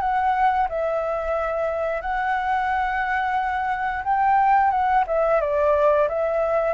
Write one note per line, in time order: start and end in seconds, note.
0.00 0.67 F#5
0.69 2.01 E5
2.01 4.03 F#5
4.03 4.70 G5
4.70 5.04 F#5
5.07 5.40 E5
5.40 6.08 D5
6.08 6.74 E5